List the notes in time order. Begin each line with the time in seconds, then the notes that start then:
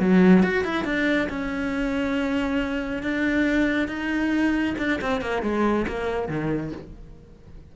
0.00 F#3
0.43 F#4
0.65 E4
0.85 D4
1.30 C#4
3.03 D4
3.89 D#4
4.78 D4
5.01 C4
5.22 A#3
5.43 G#3
5.88 A#3
6.29 D#3